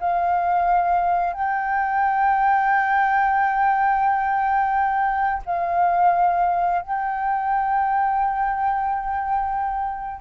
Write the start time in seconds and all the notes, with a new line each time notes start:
0.00 F5
1.33 G5
5.45 F5
6.82 G5